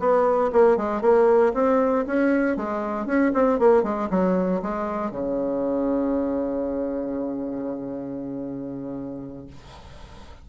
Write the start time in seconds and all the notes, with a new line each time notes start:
0.00 B3
0.53 A#3
0.78 G#3
1.02 A#3
1.55 C4
2.07 C#4
2.57 G#3
3.07 C#4
3.34 C4
3.60 A#3
3.84 G#3
4.11 F#3
4.63 G#3
5.11 C#3